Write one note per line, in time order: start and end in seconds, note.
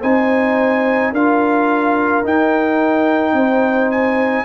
0.00 1.12 C4
0.00 1.14 D#4
0.00 1.11 C5
0.00 1.13 G#5
1.12 2.23 D4
1.12 2.23 F4
1.12 3.34 A#4
1.12 2.25 F5
2.23 4.44 D#4
2.23 3.33 D#4
2.23 3.91 G5
3.33 4.44 C4
3.33 4.44 C5
3.91 4.44 G#5